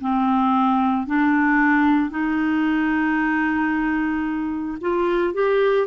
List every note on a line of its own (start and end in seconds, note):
0.00 1.06 C4
1.06 2.10 D4
2.10 4.78 D#4
4.81 5.34 F4
5.34 5.87 G4